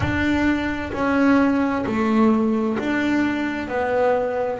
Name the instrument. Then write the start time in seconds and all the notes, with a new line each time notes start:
double bass
0.00 D4
0.92 C#4
1.86 A3
2.78 D4
3.68 B3